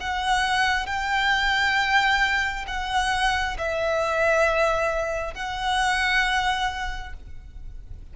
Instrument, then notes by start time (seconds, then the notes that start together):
violin
0.00 F#5
0.86 G5
2.67 F#5
3.58 E5
5.34 F#5